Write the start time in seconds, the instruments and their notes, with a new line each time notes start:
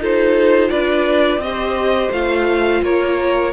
0.00 cello D#4, viola F4, violin A4 C5
0.71 cello D4, violin B4 D5
1.38 cello C4, viola G4, violin D#5
1.45 violin C5
2.11 cello A3, viola F4, violin F5
2.83 cello A#3, violin A#4 C#5